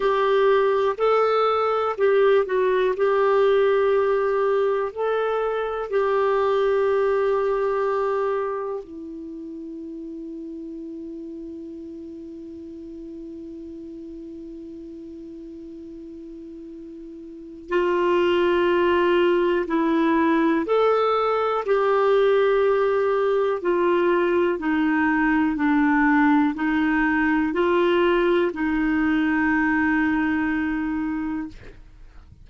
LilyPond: \new Staff \with { instrumentName = "clarinet" } { \time 4/4 \tempo 4 = 61 g'4 a'4 g'8 fis'8 g'4~ | g'4 a'4 g'2~ | g'4 e'2.~ | e'1~ |
e'2 f'2 | e'4 a'4 g'2 | f'4 dis'4 d'4 dis'4 | f'4 dis'2. | }